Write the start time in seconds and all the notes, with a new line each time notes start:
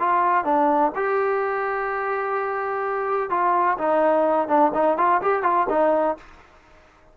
0.00 F4
0.45 D4
0.96 G4
3.31 F4
3.79 D#4
4.48 D4
4.74 D#4
4.98 F4
5.22 G4
5.43 F4
5.70 D#4